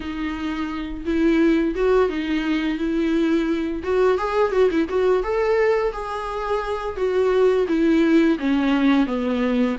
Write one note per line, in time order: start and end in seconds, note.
0.00 1.04 D#4
1.05 1.74 E4
1.75 2.09 F#4
2.09 2.77 D#4
2.77 3.82 E4
3.83 4.18 F#4
4.18 4.52 G#4
4.52 4.69 F#4
4.70 4.88 E4
4.88 5.23 F#4
5.23 5.92 A4
5.92 6.96 G#4
6.96 7.66 F#4
7.68 8.38 E4
8.38 9.06 C#4
9.06 9.76 B3